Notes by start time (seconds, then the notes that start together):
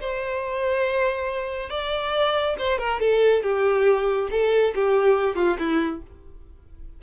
0.00 C5
1.69 D5
2.58 C5
2.78 A#4
3.00 A4
3.42 G4
4.30 A4
4.74 G4
5.35 F4
5.59 E4